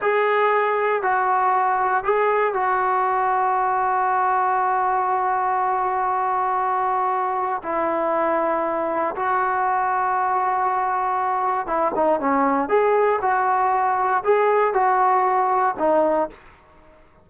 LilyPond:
\new Staff \with { instrumentName = "trombone" } { \time 4/4 \tempo 4 = 118 gis'2 fis'2 | gis'4 fis'2.~ | fis'1~ | fis'2. e'4~ |
e'2 fis'2~ | fis'2. e'8 dis'8 | cis'4 gis'4 fis'2 | gis'4 fis'2 dis'4 | }